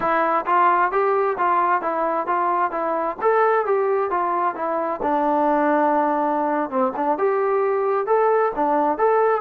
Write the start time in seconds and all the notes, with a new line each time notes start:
0.00 E4
0.46 F4
0.91 G4
1.38 F4
1.81 E4
2.26 F4
2.71 E4
3.21 A4
3.65 G4
4.10 F4
4.55 E4
5.02 D4
6.69 C4
6.96 D4
7.18 G4
8.06 A4
8.55 D4
8.98 A4